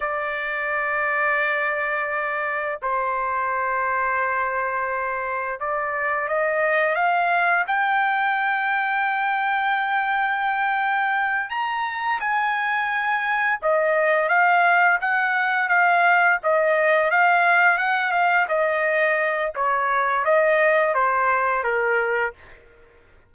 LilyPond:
\new Staff \with { instrumentName = "trumpet" } { \time 4/4 \tempo 4 = 86 d''1 | c''1 | d''4 dis''4 f''4 g''4~ | g''1~ |
g''8 ais''4 gis''2 dis''8~ | dis''8 f''4 fis''4 f''4 dis''8~ | dis''8 f''4 fis''8 f''8 dis''4. | cis''4 dis''4 c''4 ais'4 | }